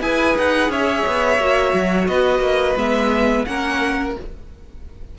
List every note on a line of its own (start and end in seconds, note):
0.00 0.34 E4
0.00 1.40 G#4
0.00 0.71 B4
0.00 0.36 G#5
0.37 0.69 D#4
0.37 0.72 F#5
0.69 1.03 C#4
0.69 2.09 C#5
0.69 2.07 E5
1.06 1.38 B3
1.38 1.72 A#3
1.38 2.76 F#4
1.73 2.08 F#3
2.07 2.40 B3
2.07 3.47 B4
2.07 2.76 D#5
2.40 2.74 A#3
2.76 3.45 G#3
2.76 3.45 B3
2.76 3.45 E5
3.45 4.16 A#3
3.45 4.15 C#4
3.45 4.18 A#4
3.45 4.14 F#5